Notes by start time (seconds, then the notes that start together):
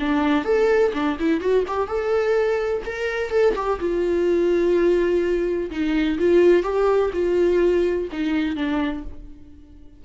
0.00 D4
0.45 A4
0.94 D4
1.19 E4
1.41 F#4
1.68 G4
1.88 A4
2.86 A#4
3.31 A4
3.56 G4
3.80 F4
5.71 D#4
6.19 F4
6.63 G4
7.13 F4
8.12 D#4
8.56 D4